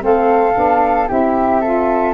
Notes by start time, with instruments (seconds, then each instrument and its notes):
0.00 tuba A3, saxophone C4, flute A4 F5
0.54 tuba B3, saxophone D4
1.08 tuba C4, saxophone E4, flute G4 E5
1.61 saxophone F4, flute A4